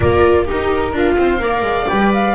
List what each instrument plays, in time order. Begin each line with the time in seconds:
0.00 double bass A#3, viola F4 A#4, flute D5
0.44 viola D#4 G4, flute A#4
0.50 double bass D#4
0.92 double bass D4, viola F4 A#4, flute F5
1.17 double bass C4, viola C5
1.39 double bass A#3, viola A#4 D5
1.62 double bass G#3
1.88 double bass G3, viola B4, flute G5
2.13 flute F5